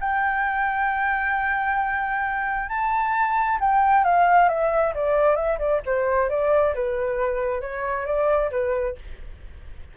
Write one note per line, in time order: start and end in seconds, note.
0.00 2.69 G5
2.69 3.58 A5
3.60 4.04 G5
4.04 4.48 F5
4.48 4.93 E5
4.94 5.35 D5
5.35 5.58 E5
5.58 5.81 D5
5.86 6.29 C5
6.29 6.74 D5
6.74 7.61 B4
7.61 8.05 C#5
8.05 8.50 D5
8.51 8.96 B4